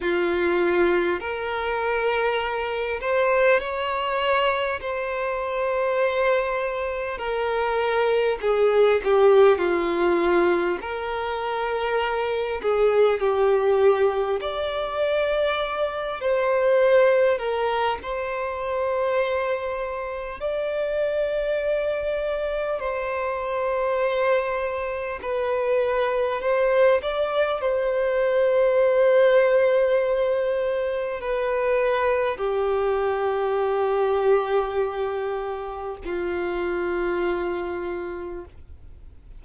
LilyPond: \new Staff \with { instrumentName = "violin" } { \time 4/4 \tempo 4 = 50 f'4 ais'4. c''8 cis''4 | c''2 ais'4 gis'8 g'8 | f'4 ais'4. gis'8 g'4 | d''4. c''4 ais'8 c''4~ |
c''4 d''2 c''4~ | c''4 b'4 c''8 d''8 c''4~ | c''2 b'4 g'4~ | g'2 f'2 | }